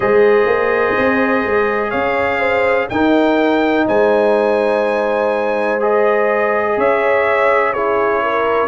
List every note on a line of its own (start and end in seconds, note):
0.00 0.45 G#3
0.00 2.89 G#4
0.00 1.89 C5
0.00 1.90 D#5
0.45 0.94 A#3
0.98 1.45 C4
1.45 1.93 G#3
1.89 2.90 C#4
1.89 2.38 C#5
1.89 2.87 F5
2.39 2.87 C5
2.89 3.87 D#4
2.89 5.80 D#4
2.89 3.87 A#4
2.89 3.86 G5
3.87 6.77 G#3
3.87 6.77 C5
3.87 5.81 G#5
5.80 7.73 G#4
5.80 6.79 D#5
6.77 8.68 C#4
6.77 7.73 C#5
6.77 7.73 E5
7.73 8.68 E4
7.73 8.21 G#4
7.73 8.68 C#5
8.22 8.68 A#4